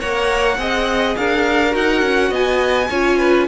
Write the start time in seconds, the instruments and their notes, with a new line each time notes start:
0.00 cello A#3, viola A#4, violin C#5 F#5
0.58 cello C4, viola G#4, violin D#5
1.17 cello D4, violin A#4 F5
1.71 cello D#4, viola F#4, violin F#5
2.02 cello C#4
2.30 cello B3, violin D#5 G#5
2.90 cello C#4, viola F4, violin C#5
3.18 violin B4